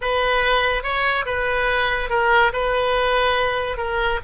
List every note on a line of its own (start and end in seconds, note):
0.01 0.83 B4
0.83 1.25 C#5
1.25 2.09 B4
2.09 2.51 A#4
2.52 3.77 B4
3.77 4.19 A#4